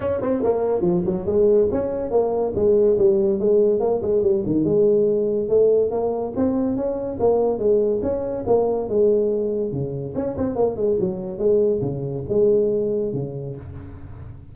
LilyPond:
\new Staff \with { instrumentName = "tuba" } { \time 4/4 \tempo 4 = 142 cis'8 c'8 ais4 f8 fis8 gis4 | cis'4 ais4 gis4 g4 | gis4 ais8 gis8 g8 dis8 gis4~ | gis4 a4 ais4 c'4 |
cis'4 ais4 gis4 cis'4 | ais4 gis2 cis4 | cis'8 c'8 ais8 gis8 fis4 gis4 | cis4 gis2 cis4 | }